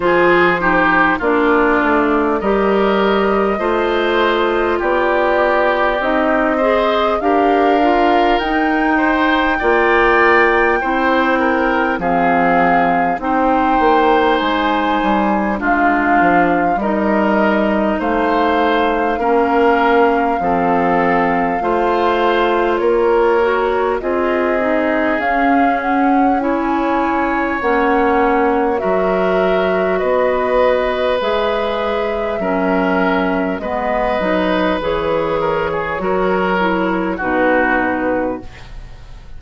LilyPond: <<
  \new Staff \with { instrumentName = "flute" } { \time 4/4 \tempo 4 = 50 c''4 d''4 dis''2 | d''4 dis''4 f''4 g''4~ | g''2 f''4 g''4 | gis''4 f''4 dis''4 f''4~ |
f''2. cis''4 | dis''4 f''8 fis''8 gis''4 fis''4 | e''4 dis''4 e''2 | dis''4 cis''2 b'4 | }
  \new Staff \with { instrumentName = "oboe" } { \time 4/4 gis'8 g'8 f'4 ais'4 c''4 | g'4. c''8 ais'4. c''8 | d''4 c''8 ais'8 gis'4 c''4~ | c''4 f'4 ais'4 c''4 |
ais'4 a'4 c''4 ais'4 | gis'2 cis''2 | ais'4 b'2 ais'4 | b'4. ais'16 gis'16 ais'4 fis'4 | }
  \new Staff \with { instrumentName = "clarinet" } { \time 4/4 f'8 dis'8 d'4 g'4 f'4~ | f'4 dis'8 gis'8 g'8 f'8 dis'4 | f'4 e'4 c'4 dis'4~ | dis'4 d'4 dis'2 |
cis'4 c'4 f'4. fis'8 | f'8 dis'8 cis'4 e'4 cis'4 | fis'2 gis'4 cis'4 | b8 dis'8 gis'4 fis'8 e'8 dis'4 | }
  \new Staff \with { instrumentName = "bassoon" } { \time 4/4 f4 ais8 a8 g4 a4 | b4 c'4 d'4 dis'4 | ais4 c'4 f4 c'8 ais8 | gis8 g8 gis8 f8 g4 a4 |
ais4 f4 a4 ais4 | c'4 cis'2 ais4 | fis4 b4 gis4 fis4 | gis8 fis8 e4 fis4 b,4 | }
>>